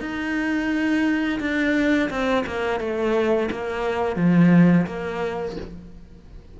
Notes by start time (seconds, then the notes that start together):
0.00 D#4
1.40 D4
2.10 C4
2.46 A#3
2.80 A3
3.51 A#3
4.16 F3
4.86 A#3